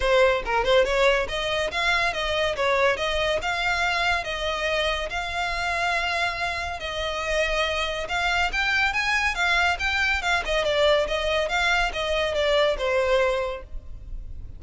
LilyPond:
\new Staff \with { instrumentName = "violin" } { \time 4/4 \tempo 4 = 141 c''4 ais'8 c''8 cis''4 dis''4 | f''4 dis''4 cis''4 dis''4 | f''2 dis''2 | f''1 |
dis''2. f''4 | g''4 gis''4 f''4 g''4 | f''8 dis''8 d''4 dis''4 f''4 | dis''4 d''4 c''2 | }